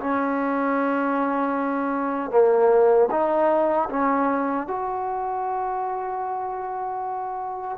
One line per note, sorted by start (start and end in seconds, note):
0.00 2.31 C#4
2.31 3.09 A#3
3.11 3.89 D#4
3.90 4.67 C#4
4.67 7.78 F#4